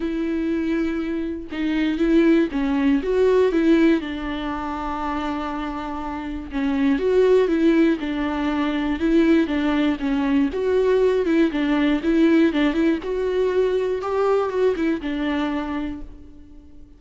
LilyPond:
\new Staff \with { instrumentName = "viola" } { \time 4/4 \tempo 4 = 120 e'2. dis'4 | e'4 cis'4 fis'4 e'4 | d'1~ | d'4 cis'4 fis'4 e'4 |
d'2 e'4 d'4 | cis'4 fis'4. e'8 d'4 | e'4 d'8 e'8 fis'2 | g'4 fis'8 e'8 d'2 | }